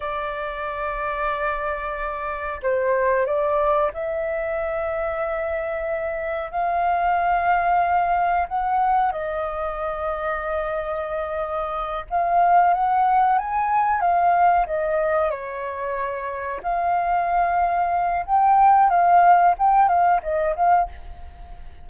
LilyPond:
\new Staff \with { instrumentName = "flute" } { \time 4/4 \tempo 4 = 92 d''1 | c''4 d''4 e''2~ | e''2 f''2~ | f''4 fis''4 dis''2~ |
dis''2~ dis''8 f''4 fis''8~ | fis''8 gis''4 f''4 dis''4 cis''8~ | cis''4. f''2~ f''8 | g''4 f''4 g''8 f''8 dis''8 f''8 | }